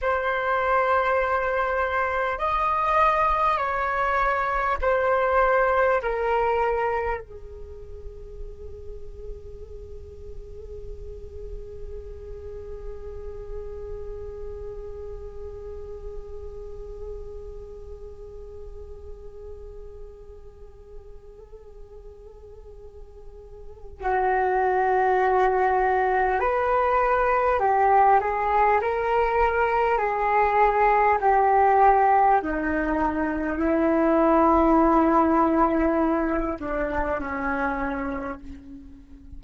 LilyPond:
\new Staff \with { instrumentName = "flute" } { \time 4/4 \tempo 4 = 50 c''2 dis''4 cis''4 | c''4 ais'4 gis'2~ | gis'1~ | gis'1~ |
gis'1 | fis'2 b'4 g'8 gis'8 | ais'4 gis'4 g'4 dis'4 | e'2~ e'8 d'8 cis'4 | }